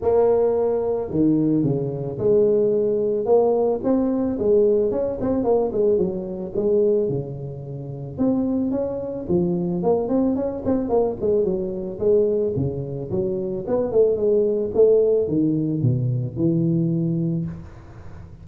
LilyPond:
\new Staff \with { instrumentName = "tuba" } { \time 4/4 \tempo 4 = 110 ais2 dis4 cis4 | gis2 ais4 c'4 | gis4 cis'8 c'8 ais8 gis8 fis4 | gis4 cis2 c'4 |
cis'4 f4 ais8 c'8 cis'8 c'8 | ais8 gis8 fis4 gis4 cis4 | fis4 b8 a8 gis4 a4 | dis4 b,4 e2 | }